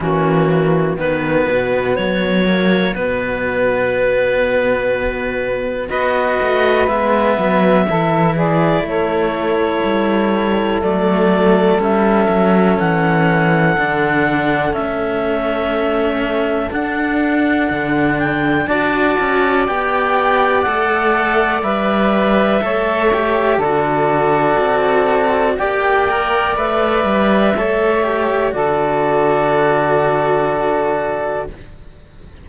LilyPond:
<<
  \new Staff \with { instrumentName = "clarinet" } { \time 4/4 \tempo 4 = 61 fis'4 b'4 cis''4 b'4~ | b'2 dis''4 e''4~ | e''8 d''8 cis''2 d''4 | e''4 fis''2 e''4~ |
e''4 fis''4. g''8 a''4 | g''4 fis''4 e''2 | d''2 g''4 e''4~ | e''4 d''2. | }
  \new Staff \with { instrumentName = "saxophone" } { \time 4/4 cis'4 fis'2.~ | fis'2 b'2 | a'8 gis'8 a'2.~ | a'1~ |
a'2. d''4~ | d''2. cis''4 | a'2 d''2 | cis''4 a'2. | }
  \new Staff \with { instrumentName = "cello" } { \time 4/4 ais4 b4. ais8 b4~ | b2 fis'4 b4 | e'2. a4 | cis'2 d'4 cis'4~ |
cis'4 d'2 fis'4 | g'4 a'4 b'4 a'8 g'8 | fis'2 g'8 ais'8 b'4 | a'8 g'8 fis'2. | }
  \new Staff \with { instrumentName = "cello" } { \time 4/4 e4 dis8 b,8 fis4 b,4~ | b,2 b8 a8 gis8 fis8 | e4 a4 g4 fis4 | g8 fis8 e4 d4 a4~ |
a4 d'4 d4 d'8 cis'8 | b4 a4 g4 a4 | d4 c'4 ais4 a8 g8 | a4 d2. | }
>>